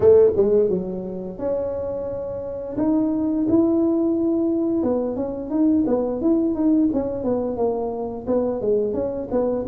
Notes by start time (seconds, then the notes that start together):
0.00 A3
0.36 G#3
0.69 F#3
1.38 C#4
2.77 D#4
3.48 E4
4.83 B3
5.16 C#4
5.50 D#4
5.87 B3
6.21 E4
6.55 D#4
6.93 C#4
7.24 B3
7.56 A#3
8.26 B3
8.61 G#3
8.93 C#4
9.31 B3